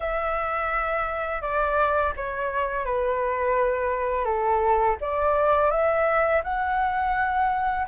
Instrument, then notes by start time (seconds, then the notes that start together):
flute
0.00 E5
1.41 D5
2.16 C#5
2.85 B4
4.24 A4
5.00 D5
5.70 E5
6.43 F#5